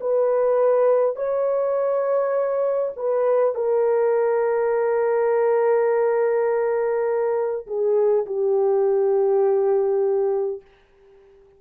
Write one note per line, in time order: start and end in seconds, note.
0.00 1.16 B4
1.16 2.92 C#5
2.96 3.55 B4
3.55 7.66 A#4
7.66 8.25 G#4
8.26 10.61 G4